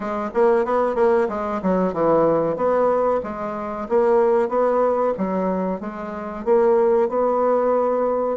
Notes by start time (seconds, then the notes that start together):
0.00 G#3
0.34 A#3
0.65 B3
0.95 A#3
1.28 G#3
1.62 F#3
1.93 E3
2.56 B3
3.23 G#3
3.89 A#3
4.48 B3
5.17 F#3
5.80 G#3
6.44 A#3
7.09 B3